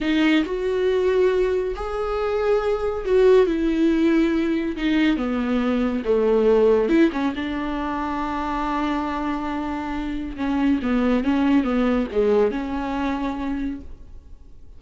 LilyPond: \new Staff \with { instrumentName = "viola" } { \time 4/4 \tempo 4 = 139 dis'4 fis'2. | gis'2. fis'4 | e'2. dis'4 | b2 a2 |
e'8 cis'8 d'2.~ | d'1 | cis'4 b4 cis'4 b4 | gis4 cis'2. | }